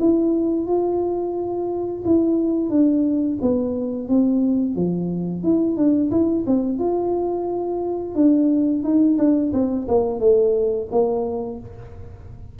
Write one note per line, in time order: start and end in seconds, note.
0.00 0.67 E4
0.67 2.03 F4
2.05 2.70 E4
2.70 3.38 D4
3.42 4.08 B3
4.08 4.75 C4
4.75 5.44 F3
5.44 5.76 E4
5.76 6.11 D4
6.11 6.45 E4
6.46 6.78 C4
6.78 8.15 F4
8.15 8.83 D4
8.83 9.17 D#4
9.18 9.52 D4
9.53 9.87 C4
9.88 10.20 A#3
10.20 10.88 A3
10.91 11.59 A#3